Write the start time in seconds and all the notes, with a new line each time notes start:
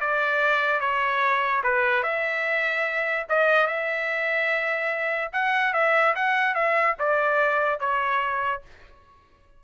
0.00 D5
0.80 C#5
1.63 B4
2.03 E5
3.29 D#5
3.67 E5
5.32 F#5
5.74 E5
6.16 F#5
6.54 E5
6.99 D5
7.80 C#5